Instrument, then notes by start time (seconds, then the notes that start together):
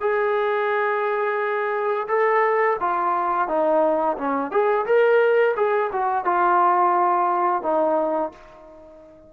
trombone
0.00 G#4
2.08 A4
2.80 F4
3.48 D#4
4.18 C#4
4.51 G#4
4.86 A#4
5.56 G#4
5.92 F#4
6.24 F4
7.62 D#4